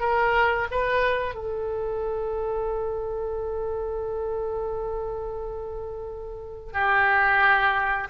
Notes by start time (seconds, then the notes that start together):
0.00 A#4
0.71 B4
1.35 A4
6.73 G4